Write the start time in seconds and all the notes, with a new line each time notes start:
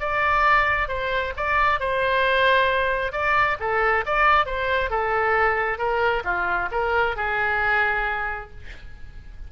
0.00 D5
0.89 C5
1.37 D5
1.80 C5
3.12 D5
3.60 A4
4.06 D5
4.46 C5
4.90 A4
5.78 A#4
6.24 F4
6.71 A#4
7.16 G#4